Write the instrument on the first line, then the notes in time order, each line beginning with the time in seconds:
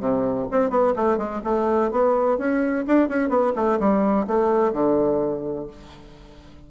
bassoon
0.00 C3
0.52 C4
0.70 B3
0.96 A3
1.18 G#3
1.44 A3
1.92 B3
2.38 C#4
2.87 D4
3.09 C#4
3.29 B3
3.56 A3
3.80 G3
4.28 A3
4.73 D3